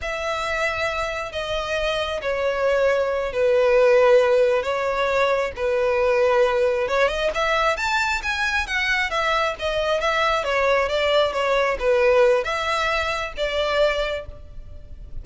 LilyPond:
\new Staff \with { instrumentName = "violin" } { \time 4/4 \tempo 4 = 135 e''2. dis''4~ | dis''4 cis''2~ cis''8 b'8~ | b'2~ b'8 cis''4.~ | cis''8 b'2. cis''8 |
dis''8 e''4 a''4 gis''4 fis''8~ | fis''8 e''4 dis''4 e''4 cis''8~ | cis''8 d''4 cis''4 b'4. | e''2 d''2 | }